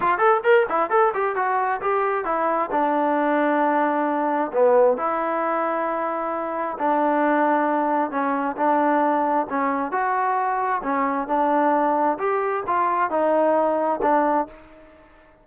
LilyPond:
\new Staff \with { instrumentName = "trombone" } { \time 4/4 \tempo 4 = 133 f'8 a'8 ais'8 e'8 a'8 g'8 fis'4 | g'4 e'4 d'2~ | d'2 b4 e'4~ | e'2. d'4~ |
d'2 cis'4 d'4~ | d'4 cis'4 fis'2 | cis'4 d'2 g'4 | f'4 dis'2 d'4 | }